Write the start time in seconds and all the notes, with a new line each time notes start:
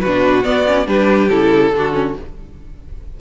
0.00 B2 F#4 B4
0.06 D4
0.43 B3 D5
0.66 C#4
0.86 G3 D4 G4 B4
1.29 C#3 E4 A4
1.73 D3 D4 F#4
1.93 C#4